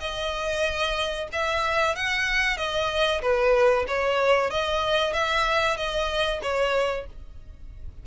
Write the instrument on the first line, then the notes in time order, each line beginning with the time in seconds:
violin
0.00 D#5
1.32 E5
1.95 F#5
2.57 D#5
3.21 B4
3.87 C#5
4.50 D#5
5.13 E5
5.76 D#5
6.42 C#5